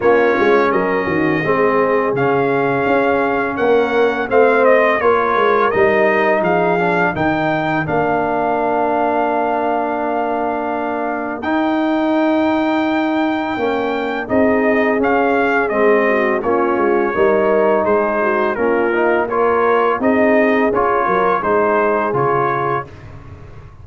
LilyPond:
<<
  \new Staff \with { instrumentName = "trumpet" } { \time 4/4 \tempo 4 = 84 cis''4 dis''2 f''4~ | f''4 fis''4 f''8 dis''8 cis''4 | dis''4 f''4 g''4 f''4~ | f''1 |
g''1 | dis''4 f''4 dis''4 cis''4~ | cis''4 c''4 ais'4 cis''4 | dis''4 cis''4 c''4 cis''4 | }
  \new Staff \with { instrumentName = "horn" } { \time 4/4 f'4 ais'8 fis'8 gis'2~ | gis'4 ais'4 c''4 ais'4~ | ais'4 gis'4 ais'2~ | ais'1~ |
ais'1 | gis'2~ gis'8 fis'8 f'4 | ais'4 gis'8 fis'8 f'4 ais'4 | gis'4. ais'8 gis'2 | }
  \new Staff \with { instrumentName = "trombone" } { \time 4/4 cis'2 c'4 cis'4~ | cis'2 c'4 f'4 | dis'4. d'8 dis'4 d'4~ | d'1 |
dis'2. cis'4 | dis'4 cis'4 c'4 cis'4 | dis'2 cis'8 dis'8 f'4 | dis'4 f'4 dis'4 f'4 | }
  \new Staff \with { instrumentName = "tuba" } { \time 4/4 ais8 gis8 fis8 dis8 gis4 cis4 | cis'4 ais4 a4 ais8 gis8 | g4 f4 dis4 ais4~ | ais1 |
dis'2. ais4 | c'4 cis'4 gis4 ais8 gis8 | g4 gis4 ais2 | c'4 cis'8 fis8 gis4 cis4 | }
>>